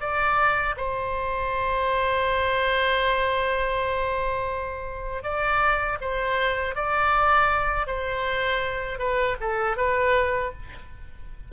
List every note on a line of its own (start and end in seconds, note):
0.00 0.75 D5
0.76 5.23 C5
5.23 5.98 D5
6.00 6.75 C5
6.75 7.86 D5
7.86 8.99 C5
8.99 9.36 B4
9.40 9.76 A4
9.76 10.51 B4